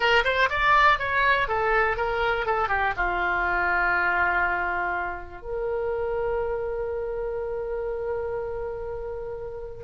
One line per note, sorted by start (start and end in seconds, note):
0.00 0.23 A#4
0.24 0.49 C5
0.49 0.98 D5
0.98 1.48 C#5
1.48 1.96 A4
1.96 2.45 A#4
2.46 2.68 A4
2.68 2.93 G4
2.96 5.41 F4
5.41 9.83 A#4